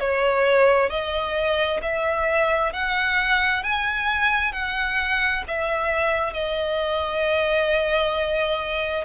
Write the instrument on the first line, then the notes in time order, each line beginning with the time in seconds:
violin
0.00 C#5
0.89 D#5
1.82 E5
2.73 F#5
3.63 G#5
4.52 F#5
5.48 E5
6.33 D#5